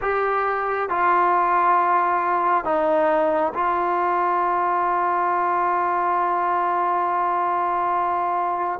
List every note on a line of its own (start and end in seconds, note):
0.01 0.89 G4
0.89 2.64 F4
2.64 3.52 D#4
3.54 8.80 F4